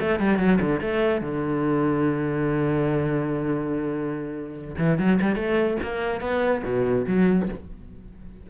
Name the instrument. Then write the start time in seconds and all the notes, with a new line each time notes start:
cello
0.00 A3
0.19 G3
0.38 F#3
0.61 D3
0.81 A3
1.21 D3
4.78 E3
4.98 F#3
5.21 G3
5.35 A3
5.83 A#3
6.20 B3
6.64 B2
7.07 F#3